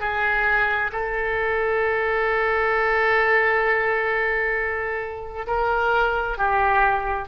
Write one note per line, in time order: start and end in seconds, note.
0.00 0.91 G#4
0.92 5.47 A4
5.47 6.38 A#4
6.38 7.28 G4